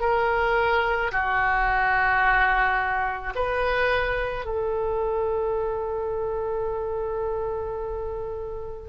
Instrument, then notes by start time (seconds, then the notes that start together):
oboe
0.00 A#4
1.11 F#4
3.35 B4
4.45 A4